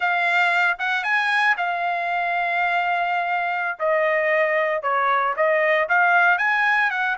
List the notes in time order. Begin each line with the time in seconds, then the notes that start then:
0.00 F5
0.78 F#5
1.03 G#5
1.57 F5
3.79 D#5
4.82 C#5
5.36 D#5
5.89 F5
6.38 G#5
6.90 F#5